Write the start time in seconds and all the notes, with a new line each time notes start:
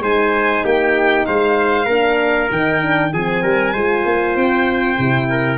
0.00 G#3 D#4 C5 G#5
0.64 A#3 G4 G5
1.26 G#3 C5 F5
1.85 A#3 D4 A#4
2.51 D#3 D#4 G5
2.82 D4
3.13 F3 C4 G#4 G#5
3.42 G3 A#4
3.73 G#3 F4 C5
4.05 A#3
4.36 C4 G5
4.98 C3 E4
5.29 A#4